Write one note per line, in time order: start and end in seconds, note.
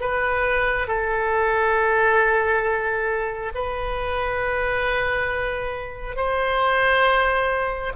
0.00 0.88 B4
0.88 3.53 A4
3.55 6.16 B4
6.16 7.93 C5